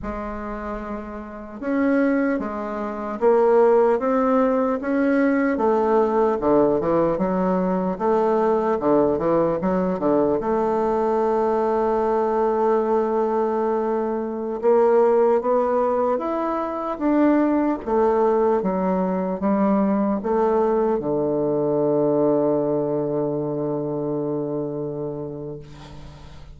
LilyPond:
\new Staff \with { instrumentName = "bassoon" } { \time 4/4 \tempo 4 = 75 gis2 cis'4 gis4 | ais4 c'4 cis'4 a4 | d8 e8 fis4 a4 d8 e8 | fis8 d8 a2.~ |
a2~ a16 ais4 b8.~ | b16 e'4 d'4 a4 fis8.~ | fis16 g4 a4 d4.~ d16~ | d1 | }